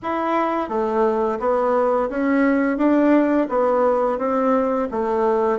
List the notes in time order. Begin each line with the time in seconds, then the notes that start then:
0.02 E4
0.68 A3
1.39 B3
2.09 C#4
2.77 D4
3.49 B3
4.18 C4
4.91 A3